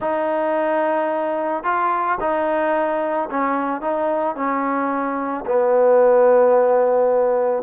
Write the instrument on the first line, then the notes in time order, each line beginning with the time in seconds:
trombone
0.00 D#4
1.63 F4
2.20 D#4
3.30 C#4
3.81 D#4
4.35 C#4
5.45 B3